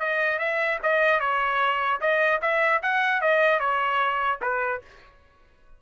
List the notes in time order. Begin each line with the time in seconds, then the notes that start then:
0.00 D#5
0.39 E5
0.83 D#5
1.20 C#5
2.01 D#5
2.42 E5
2.83 F#5
3.21 D#5
3.60 C#5
4.42 B4